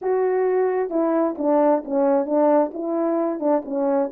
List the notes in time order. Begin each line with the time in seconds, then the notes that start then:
0.01 F#4
0.89 E4
1.38 D4
1.85 C#4
2.25 D4
2.73 E4
3.39 D4
3.65 C#4